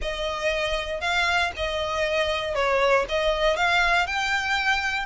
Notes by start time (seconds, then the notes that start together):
0.01 D#5
1.01 F5
1.56 D#5
2.54 C#5
3.09 D#5
3.56 F5
4.06 G5